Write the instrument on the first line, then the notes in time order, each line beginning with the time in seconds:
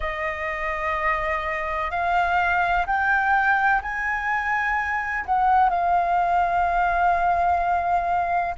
flute
0.00 D#5
1.90 F5
2.86 G5
3.81 G#5
5.25 F#5
5.69 F5